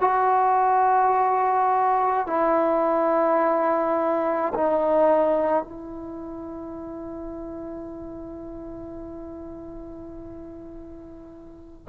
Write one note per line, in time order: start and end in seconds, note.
0.00 2.26 F#4
2.26 4.53 E4
4.54 5.63 D#4
5.63 11.86 E4